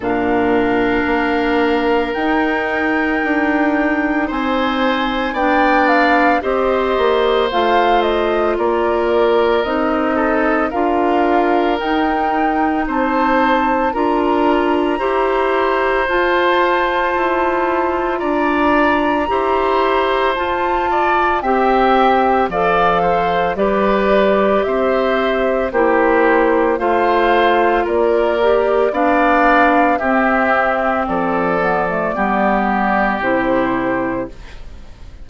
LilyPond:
<<
  \new Staff \with { instrumentName = "flute" } { \time 4/4 \tempo 4 = 56 f''2 g''2 | gis''4 g''8 f''8 dis''4 f''8 dis''8 | d''4 dis''4 f''4 g''4 | a''4 ais''2 a''4~ |
a''4 ais''2 a''4 | g''4 f''4 d''4 e''4 | c''4 f''4 d''4 f''4 | e''4 d''2 c''4 | }
  \new Staff \with { instrumentName = "oboe" } { \time 4/4 ais'1 | c''4 d''4 c''2 | ais'4. a'8 ais'2 | c''4 ais'4 c''2~ |
c''4 d''4 c''4. d''8 | e''4 d''8 c''8 b'4 c''4 | g'4 c''4 ais'4 d''4 | g'4 a'4 g'2 | }
  \new Staff \with { instrumentName = "clarinet" } { \time 4/4 d'2 dis'2~ | dis'4 d'4 g'4 f'4~ | f'4 dis'4 f'4 dis'4~ | dis'4 f'4 g'4 f'4~ |
f'2 g'4 f'4 | g'4 a'4 g'2 | e'4 f'4. g'8 d'4 | c'4. b16 a16 b4 e'4 | }
  \new Staff \with { instrumentName = "bassoon" } { \time 4/4 ais,4 ais4 dis'4 d'4 | c'4 b4 c'8 ais8 a4 | ais4 c'4 d'4 dis'4 | c'4 d'4 e'4 f'4 |
e'4 d'4 e'4 f'4 | c'4 f4 g4 c'4 | ais4 a4 ais4 b4 | c'4 f4 g4 c4 | }
>>